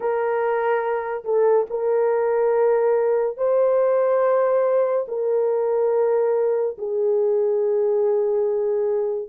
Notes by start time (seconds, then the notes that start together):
0.00 A#4
1.24 A4
1.69 A#4
3.36 C5
5.07 A#4
6.78 G#4